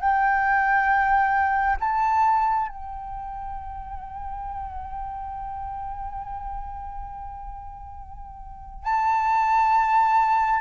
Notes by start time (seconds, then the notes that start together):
0.00 G5
1.80 A5
2.68 G5
8.84 A5